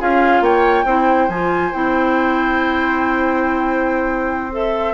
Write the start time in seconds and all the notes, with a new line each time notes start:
0.00 C#4 F4 G#4 F5
0.41 A#3 C#5 G5
0.85 C4 E4 C5
1.29 F3 F4 G#5
1.73 C4 E4 G5
4.52 A4 E5